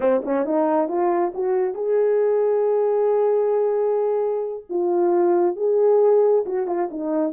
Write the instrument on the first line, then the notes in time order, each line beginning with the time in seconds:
horn
0.00 C4
0.24 C#4
0.45 D#4
0.88 F4
1.34 F#4
1.74 G#4
4.69 F4
5.56 G#4
6.45 F#4
6.66 F4
6.90 D#4